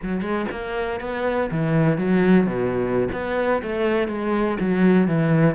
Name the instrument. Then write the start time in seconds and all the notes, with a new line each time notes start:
cello
0.02 F#3
0.21 G#3
0.51 A#3
1.00 B3
1.51 E3
1.97 F#3
2.46 B2
3.12 B3
3.62 A3
4.08 G#3
4.60 F#3
5.07 E3